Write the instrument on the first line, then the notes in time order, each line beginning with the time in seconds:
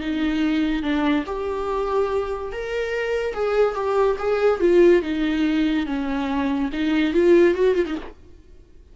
viola
0.00 D#4
0.82 D4
1.26 G4
2.52 A#4
3.34 G#4
3.74 G4
4.18 G#4
4.60 F4
5.02 D#4
5.86 C#4
6.72 D#4
7.13 F4
7.54 F#4
7.75 F4
7.85 D#4